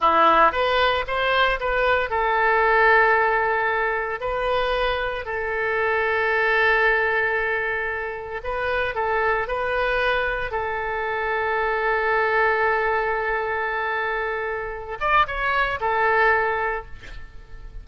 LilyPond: \new Staff \with { instrumentName = "oboe" } { \time 4/4 \tempo 4 = 114 e'4 b'4 c''4 b'4 | a'1 | b'2 a'2~ | a'1 |
b'4 a'4 b'2 | a'1~ | a'1~ | a'8 d''8 cis''4 a'2 | }